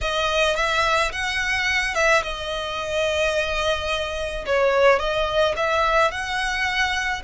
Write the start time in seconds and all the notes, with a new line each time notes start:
0.01 D#5
0.56 E5
1.11 F#5
1.94 E5
2.22 D#5
4.46 C#5
4.99 D#5
5.56 E5
6.11 F#5